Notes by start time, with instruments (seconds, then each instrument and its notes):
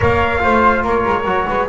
0.00 double bass A#3, trombone A#4, flute C#5, trumpet F5
0.39 double bass A3, trombone F4, flute C5
0.83 double bass A#3, flute A#4, trumpet C#5
1.06 double bass G#3
1.24 double bass F#3, trombone F#4
1.48 double bass G#3, flute B4